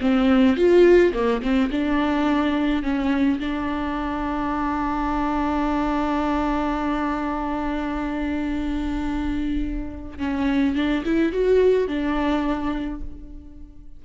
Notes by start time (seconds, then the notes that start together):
0.00 C4
0.56 F4
1.13 A#3
1.42 C4
1.71 D4
2.82 C#4
3.39 D4
10.18 C#4
10.75 D4
11.05 E4
11.32 F#4
11.87 D4